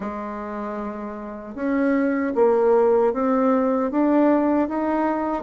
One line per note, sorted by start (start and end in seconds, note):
0.00 1.55 G#3
1.55 2.33 C#4
2.35 3.13 A#3
3.13 3.91 C4
3.91 4.68 D4
4.68 5.43 D#4